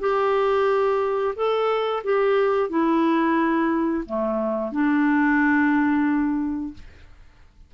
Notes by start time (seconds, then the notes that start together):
0.00 G4
1.36 A4
2.04 G4
2.69 E4
4.06 A3
4.72 D4